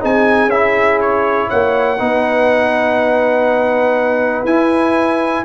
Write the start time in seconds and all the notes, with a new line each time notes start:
0.00 C4 D#4 G#4 G#5
0.46 C#4 E5
0.52 E4
1.01 C#5
1.48 A#3 C#5 F#5
1.98 B3 D#4 B4
4.44 E4 G#5